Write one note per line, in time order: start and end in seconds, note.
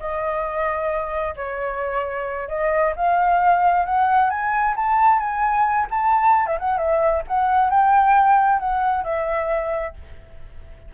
0.00 1.35 D#5
1.36 2.49 C#5
2.49 2.94 D#5
2.96 3.86 F5
3.86 4.30 F#5
4.30 4.75 G#5
4.76 5.19 A5
5.19 5.87 G#5
5.91 6.47 A5
6.47 6.58 E5
6.59 6.78 F#5
6.78 7.23 E5
7.28 7.70 F#5
7.70 8.59 G5
8.59 9.04 F#5
9.04 9.95 E5